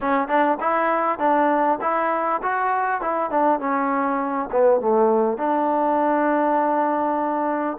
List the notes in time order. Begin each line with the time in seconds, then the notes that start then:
0.01 C#4
0.28 D4
0.60 E4
1.18 D4
1.81 E4
2.42 F#4
3.01 E4
3.30 D4
3.59 C#4
4.51 B3
4.80 A3
5.37 D4